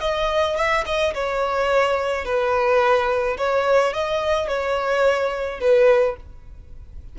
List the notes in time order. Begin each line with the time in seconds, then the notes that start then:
0.00 D#5
0.56 E5
0.86 D#5
1.14 C#5
2.25 B4
3.37 C#5
3.93 D#5
4.48 C#5
5.60 B4